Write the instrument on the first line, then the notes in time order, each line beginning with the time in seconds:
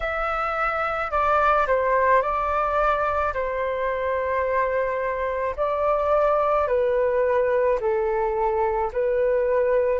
flute
0.00 E5
1.11 D5
1.67 C5
2.22 D5
3.33 C5
5.56 D5
6.67 B4
7.80 A4
8.92 B4